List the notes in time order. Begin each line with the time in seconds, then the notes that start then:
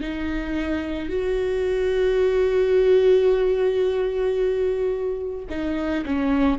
0.00 D#4
1.09 F#4
5.49 D#4
6.05 C#4